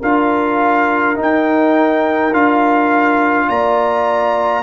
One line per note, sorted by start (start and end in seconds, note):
0.00 1.18 D4
0.00 1.16 F4
0.00 3.46 A#4
0.00 1.18 F5
1.16 2.31 D#4
1.16 2.33 D#4
1.22 2.34 G5
2.33 3.48 D4
2.33 4.64 F4
2.33 3.50 F5
3.49 4.64 A#3
3.49 4.64 D5
3.49 4.64 A#5